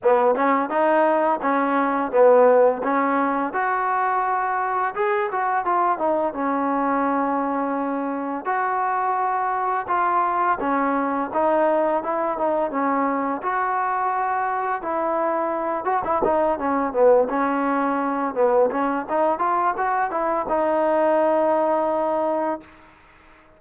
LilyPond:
\new Staff \with { instrumentName = "trombone" } { \time 4/4 \tempo 4 = 85 b8 cis'8 dis'4 cis'4 b4 | cis'4 fis'2 gis'8 fis'8 | f'8 dis'8 cis'2. | fis'2 f'4 cis'4 |
dis'4 e'8 dis'8 cis'4 fis'4~ | fis'4 e'4. fis'16 e'16 dis'8 cis'8 | b8 cis'4. b8 cis'8 dis'8 f'8 | fis'8 e'8 dis'2. | }